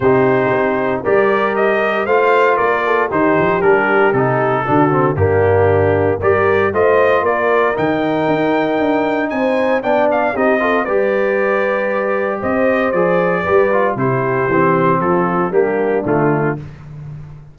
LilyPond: <<
  \new Staff \with { instrumentName = "trumpet" } { \time 4/4 \tempo 4 = 116 c''2 d''4 dis''4 | f''4 d''4 c''4 ais'4 | a'2 g'2 | d''4 dis''4 d''4 g''4~ |
g''2 gis''4 g''8 f''8 | dis''4 d''2. | dis''4 d''2 c''4~ | c''4 a'4 g'4 f'4 | }
  \new Staff \with { instrumentName = "horn" } { \time 4/4 g'2 ais'2 | c''4 ais'8 a'8 g'2~ | g'4 fis'4 d'2 | ais'4 c''4 ais'2~ |
ais'2 c''4 d''4 | g'8 a'8 b'2. | c''2 b'4 g'4~ | g'4 f'4 d'2 | }
  \new Staff \with { instrumentName = "trombone" } { \time 4/4 dis'2 g'2 | f'2 dis'4 d'4 | dis'4 d'8 c'8 ais2 | g'4 f'2 dis'4~ |
dis'2. d'4 | dis'8 f'8 g'2.~ | g'4 gis'4 g'8 f'8 e'4 | c'2 ais4 a4 | }
  \new Staff \with { instrumentName = "tuba" } { \time 4/4 c4 c'4 g2 | a4 ais4 dis8 f8 g4 | c4 d4 g,2 | g4 a4 ais4 dis4 |
dis'4 d'4 c'4 b4 | c'4 g2. | c'4 f4 g4 c4 | e4 f4 g4 d4 | }
>>